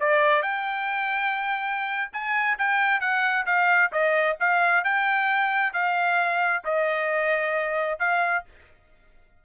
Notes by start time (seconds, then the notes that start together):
0.00 D5
0.42 G5
2.13 G#5
2.59 G5
3.00 F#5
3.46 F5
3.92 D#5
4.40 F5
4.84 G5
5.73 F5
6.65 D#5
7.99 F5